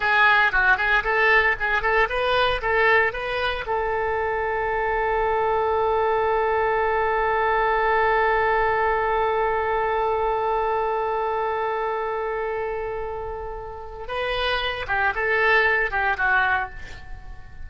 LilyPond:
\new Staff \with { instrumentName = "oboe" } { \time 4/4 \tempo 4 = 115 gis'4 fis'8 gis'8 a'4 gis'8 a'8 | b'4 a'4 b'4 a'4~ | a'1~ | a'1~ |
a'1~ | a'1~ | a'2. b'4~ | b'8 g'8 a'4. g'8 fis'4 | }